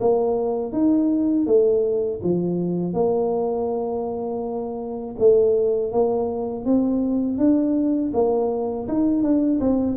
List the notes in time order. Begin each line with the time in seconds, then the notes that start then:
0.00 A#3
0.72 D#4
1.46 A3
2.23 F3
2.93 A#3
5.19 A3
5.92 A#3
6.65 C4
7.38 D4
8.13 A#3
8.88 D#4
9.23 D4
9.60 C4